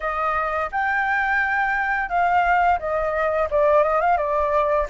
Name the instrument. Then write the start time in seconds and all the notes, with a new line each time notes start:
flute
0.00 D#5
0.71 G5
2.09 F5
2.79 D#5
3.50 D5
3.83 D#5
4.01 F5
4.17 D5